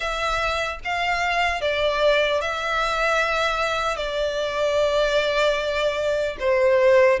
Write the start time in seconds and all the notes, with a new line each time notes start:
0.00 E5
0.84 F5
1.61 D5
2.41 E5
3.96 D5
6.39 C5